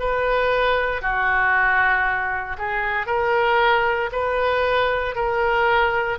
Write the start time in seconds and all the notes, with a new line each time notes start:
0.00 B4
1.02 F#4
2.58 G#4
3.07 A#4
4.13 B4
5.16 A#4